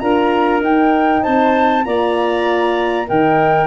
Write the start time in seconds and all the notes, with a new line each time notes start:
0.00 D4 F4 A#4 A#5
0.61 D#4 G5
1.23 C4 C5 A5
1.85 A#3 F4 D5 A#5
3.08 D#3 D#4 A#4 G5